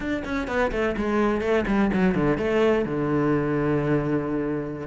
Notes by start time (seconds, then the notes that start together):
0.00 D4
0.24 C#4
0.47 B3
0.71 A3
0.97 G#3
1.41 A3
1.67 G3
1.93 F#3
2.15 D3
2.37 A3
2.85 D3